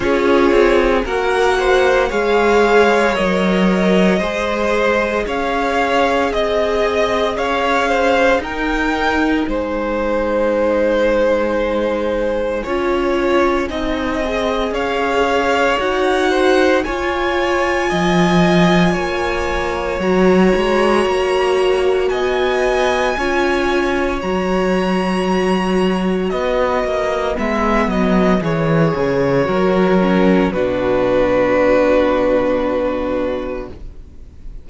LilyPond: <<
  \new Staff \with { instrumentName = "violin" } { \time 4/4 \tempo 4 = 57 cis''4 fis''4 f''4 dis''4~ | dis''4 f''4 dis''4 f''4 | g''4 gis''2.~ | gis''2 f''4 fis''4 |
gis''2. ais''4~ | ais''4 gis''2 ais''4~ | ais''4 dis''4 e''8 dis''8 cis''4~ | cis''4 b'2. | }
  \new Staff \with { instrumentName = "violin" } { \time 4/4 gis'4 ais'8 c''8 cis''2 | c''4 cis''4 dis''4 cis''8 c''8 | ais'4 c''2. | cis''4 dis''4 cis''4. c''8 |
cis''4 dis''4 cis''2~ | cis''4 dis''4 cis''2~ | cis''4 b'2. | ais'4 fis'2. | }
  \new Staff \with { instrumentName = "viola" } { \time 4/4 f'4 fis'4 gis'4 ais'4 | gis'1 | dis'1 | f'4 dis'8 gis'4. fis'4 |
f'2. fis'4~ | fis'2 f'4 fis'4~ | fis'2 b4 gis'4 | fis'8 cis'8 d'2. | }
  \new Staff \with { instrumentName = "cello" } { \time 4/4 cis'8 c'8 ais4 gis4 fis4 | gis4 cis'4 c'4 cis'4 | dis'4 gis2. | cis'4 c'4 cis'4 dis'4 |
f'4 f4 ais4 fis8 gis8 | ais4 b4 cis'4 fis4~ | fis4 b8 ais8 gis8 fis8 e8 cis8 | fis4 b,2. | }
>>